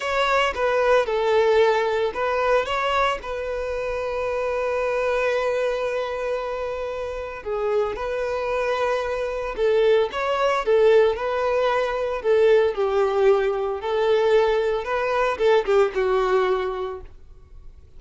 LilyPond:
\new Staff \with { instrumentName = "violin" } { \time 4/4 \tempo 4 = 113 cis''4 b'4 a'2 | b'4 cis''4 b'2~ | b'1~ | b'2 gis'4 b'4~ |
b'2 a'4 cis''4 | a'4 b'2 a'4 | g'2 a'2 | b'4 a'8 g'8 fis'2 | }